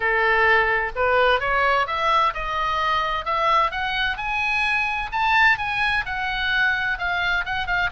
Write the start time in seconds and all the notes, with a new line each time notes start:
0.00 A4
0.95 B4
1.40 C#5
1.86 E5
2.34 D#5
3.25 E5
3.71 F#5
4.17 G#5
5.12 A5
5.58 G#5
6.05 F#5
6.98 F5
7.45 F#5
7.66 F5